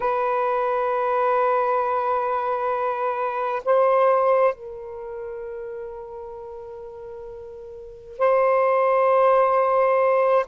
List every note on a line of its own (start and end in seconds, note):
0.00 3.62 B4
3.64 4.54 C5
4.54 8.18 A#4
8.18 10.45 C5